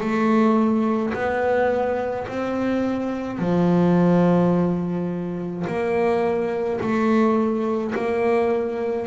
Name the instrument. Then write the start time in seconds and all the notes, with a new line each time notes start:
double bass
0.00 A3
1.13 B3
2.27 C4
3.39 F3
5.67 A#3
6.80 A3
7.95 A#3